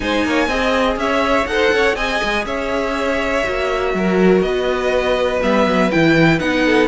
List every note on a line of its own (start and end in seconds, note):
0.00 0.24 G#3
0.00 0.48 D#4
0.00 0.26 C5
0.00 0.97 G#5
0.24 0.47 A#3
0.24 0.48 C#5
0.47 0.96 C4
0.47 1.47 G#4
0.47 0.97 D#5
0.96 1.45 C#4
0.96 1.50 C#5
0.96 1.46 E5
1.46 1.71 D#4
1.46 1.97 A4
1.46 1.74 C5
1.46 1.95 F#5
1.72 1.95 C#4
1.72 1.95 C#5
1.95 2.20 C4
1.95 3.43 G#4
1.95 2.44 D#5
1.95 2.45 G#5
2.23 2.45 G#3
2.45 3.43 C#4
2.45 3.94 C#5
2.45 4.41 E5
3.43 3.93 A#3
3.43 5.40 F#4
3.93 4.41 F#3
3.93 4.45 A#4
4.41 5.40 B3
4.41 6.65 B4
4.41 5.40 D#5
5.41 5.65 G3
5.41 5.90 B3
5.41 5.91 E5
5.65 5.90 F#3
5.91 6.40 E3
5.91 6.39 E4
5.91 6.39 G5
6.39 6.87 B3
6.39 6.87 D#4
6.39 6.87 F#5
6.65 6.87 A4